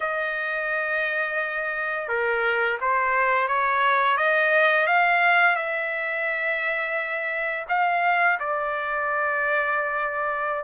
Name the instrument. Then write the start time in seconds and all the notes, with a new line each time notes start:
trumpet
0.00 D#5
2.08 A#4
2.81 C5
3.48 C#5
4.17 D#5
4.86 F5
5.56 E5
7.68 F5
8.39 D5